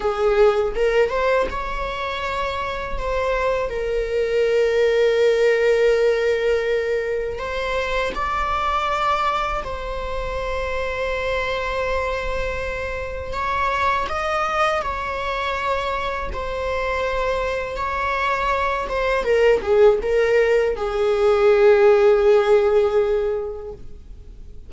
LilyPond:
\new Staff \with { instrumentName = "viola" } { \time 4/4 \tempo 4 = 81 gis'4 ais'8 c''8 cis''2 | c''4 ais'2.~ | ais'2 c''4 d''4~ | d''4 c''2.~ |
c''2 cis''4 dis''4 | cis''2 c''2 | cis''4. c''8 ais'8 gis'8 ais'4 | gis'1 | }